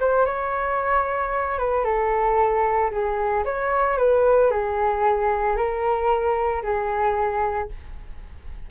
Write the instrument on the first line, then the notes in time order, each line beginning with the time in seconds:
flute
0.00 C5
0.26 C#5
1.59 B4
1.85 A4
2.91 G#4
3.45 C#5
3.98 B4
4.51 G#4
5.56 A#4
6.63 G#4